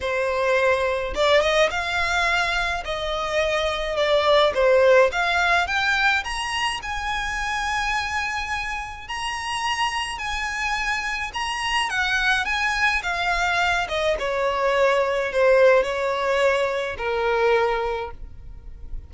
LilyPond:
\new Staff \with { instrumentName = "violin" } { \time 4/4 \tempo 4 = 106 c''2 d''8 dis''8 f''4~ | f''4 dis''2 d''4 | c''4 f''4 g''4 ais''4 | gis''1 |
ais''2 gis''2 | ais''4 fis''4 gis''4 f''4~ | f''8 dis''8 cis''2 c''4 | cis''2 ais'2 | }